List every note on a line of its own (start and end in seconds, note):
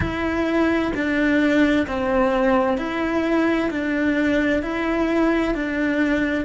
0.00 0.92 E4
0.94 1.87 D4
1.87 2.77 C4
2.77 3.69 E4
3.70 4.62 D4
4.62 5.54 E4
5.54 6.44 D4